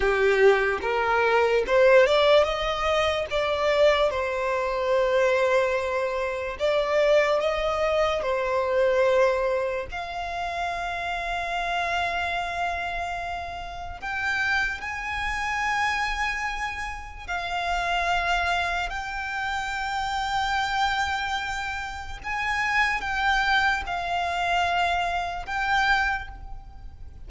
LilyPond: \new Staff \with { instrumentName = "violin" } { \time 4/4 \tempo 4 = 73 g'4 ais'4 c''8 d''8 dis''4 | d''4 c''2. | d''4 dis''4 c''2 | f''1~ |
f''4 g''4 gis''2~ | gis''4 f''2 g''4~ | g''2. gis''4 | g''4 f''2 g''4 | }